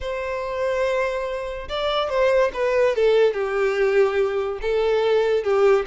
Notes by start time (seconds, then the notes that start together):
0.00 C5
1.68 D5
2.09 C5
2.53 B4
2.95 A4
3.33 G4
4.61 A4
5.43 G4